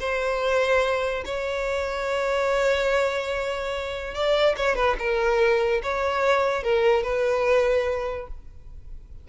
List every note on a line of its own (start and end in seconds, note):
0.00 1.24 C5
1.25 4.15 C#5
4.15 4.56 D5
4.57 4.76 C#5
4.76 4.96 B4
4.99 5.82 A#4
5.83 6.64 C#5
6.64 7.04 A#4
7.04 8.28 B4